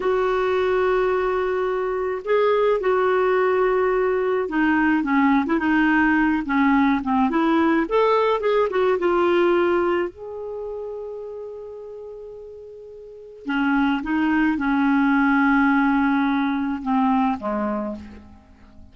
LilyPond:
\new Staff \with { instrumentName = "clarinet" } { \time 4/4 \tempo 4 = 107 fis'1 | gis'4 fis'2. | dis'4 cis'8. e'16 dis'4. cis'8~ | cis'8 c'8 e'4 a'4 gis'8 fis'8 |
f'2 gis'2~ | gis'1 | cis'4 dis'4 cis'2~ | cis'2 c'4 gis4 | }